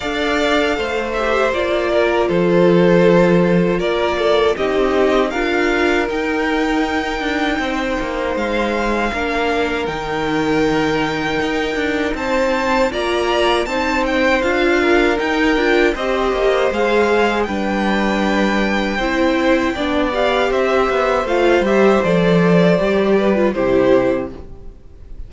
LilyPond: <<
  \new Staff \with { instrumentName = "violin" } { \time 4/4 \tempo 4 = 79 f''4. e''8 d''4 c''4~ | c''4 d''4 dis''4 f''4 | g''2. f''4~ | f''4 g''2. |
a''4 ais''4 a''8 g''8 f''4 | g''4 dis''4 f''4 g''4~ | g''2~ g''8 f''8 e''4 | f''8 e''8 d''2 c''4 | }
  \new Staff \with { instrumentName = "violin" } { \time 4/4 d''4 c''4. ais'8 a'4~ | a'4 ais'8 a'8 g'4 ais'4~ | ais'2 c''2 | ais'1 |
c''4 d''4 c''4. ais'8~ | ais'4 c''2 b'4~ | b'4 c''4 d''4 c''4~ | c''2~ c''8 b'8 g'4 | }
  \new Staff \with { instrumentName = "viola" } { \time 4/4 a'4. g'8 f'2~ | f'2 dis'4 f'4 | dis'1 | d'4 dis'2.~ |
dis'4 f'4 dis'4 f'4 | dis'8 f'8 g'4 gis'4 d'4~ | d'4 e'4 d'8 g'4. | f'8 g'8 a'4 g'8. f'16 e'4 | }
  \new Staff \with { instrumentName = "cello" } { \time 4/4 d'4 a4 ais4 f4~ | f4 ais4 c'4 d'4 | dis'4. d'8 c'8 ais8 gis4 | ais4 dis2 dis'8 d'8 |
c'4 ais4 c'4 d'4 | dis'8 d'8 c'8 ais8 gis4 g4~ | g4 c'4 b4 c'8 b8 | a8 g8 f4 g4 c4 | }
>>